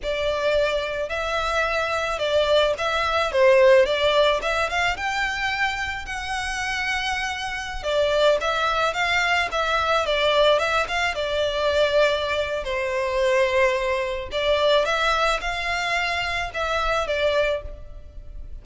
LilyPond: \new Staff \with { instrumentName = "violin" } { \time 4/4 \tempo 4 = 109 d''2 e''2 | d''4 e''4 c''4 d''4 | e''8 f''8 g''2 fis''4~ | fis''2~ fis''16 d''4 e''8.~ |
e''16 f''4 e''4 d''4 e''8 f''16~ | f''16 d''2~ d''8. c''4~ | c''2 d''4 e''4 | f''2 e''4 d''4 | }